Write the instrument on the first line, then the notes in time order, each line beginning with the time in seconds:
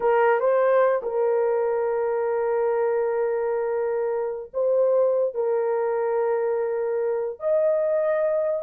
horn
0.00 A#4
0.40 C5
1.02 A#4
4.53 C5
5.34 A#4
7.39 D#5